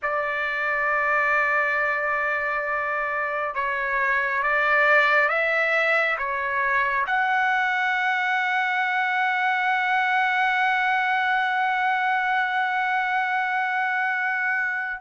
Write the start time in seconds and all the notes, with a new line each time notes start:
0.02 D5
3.55 C#5
4.42 D5
5.28 E5
6.18 C#5
7.06 F#5